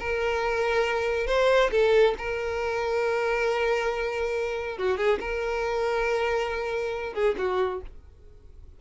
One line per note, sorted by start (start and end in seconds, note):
0.00 1.27 A#4
1.27 1.71 C5
1.71 2.15 A4
2.18 4.78 A#4
4.78 4.98 F#4
4.98 5.19 G#4
5.21 7.14 A#4
7.14 7.36 G#4
7.38 7.82 F#4